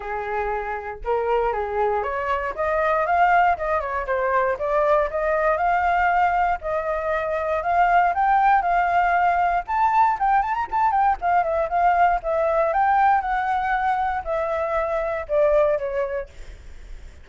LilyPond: \new Staff \with { instrumentName = "flute" } { \time 4/4 \tempo 4 = 118 gis'2 ais'4 gis'4 | cis''4 dis''4 f''4 dis''8 cis''8 | c''4 d''4 dis''4 f''4~ | f''4 dis''2 f''4 |
g''4 f''2 a''4 | g''8 a''16 ais''16 a''8 g''8 f''8 e''8 f''4 | e''4 g''4 fis''2 | e''2 d''4 cis''4 | }